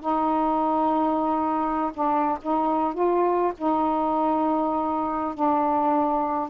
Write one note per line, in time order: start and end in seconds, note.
0.00 1.91 D#4
1.94 2.38 D4
2.42 2.94 D#4
2.94 3.53 F4
3.57 5.34 D#4
5.34 6.49 D4